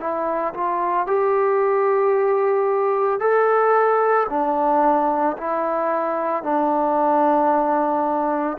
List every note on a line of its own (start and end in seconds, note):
0.00 0.54 E4
0.54 1.07 F4
1.07 3.20 G4
3.20 4.27 A4
4.30 5.37 D4
5.38 6.43 E4
6.43 8.58 D4